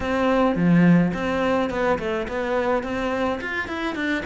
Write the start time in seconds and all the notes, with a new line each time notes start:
0.00 C4
0.55 F3
1.13 C4
1.70 B3
1.98 A3
2.27 B3
2.83 C4
3.41 F4
3.68 E4
3.95 D4